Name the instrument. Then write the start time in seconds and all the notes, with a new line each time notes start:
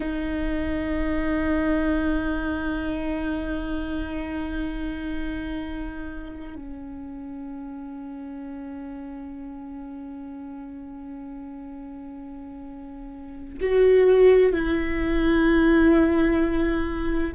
viola
0.00 D#4
6.55 C#4
13.60 F#4
14.53 E4